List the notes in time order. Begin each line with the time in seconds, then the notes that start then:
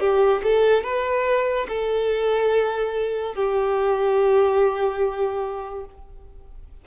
0.00 G4
0.44 A4
0.84 B4
1.69 A4
3.35 G4